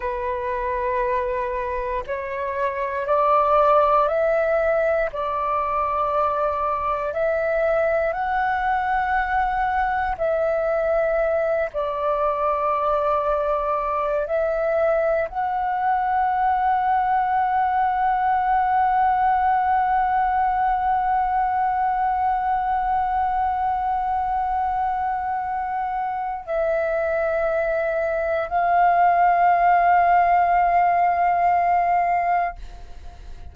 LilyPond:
\new Staff \with { instrumentName = "flute" } { \time 4/4 \tempo 4 = 59 b'2 cis''4 d''4 | e''4 d''2 e''4 | fis''2 e''4. d''8~ | d''2 e''4 fis''4~ |
fis''1~ | fis''1~ | fis''2 e''2 | f''1 | }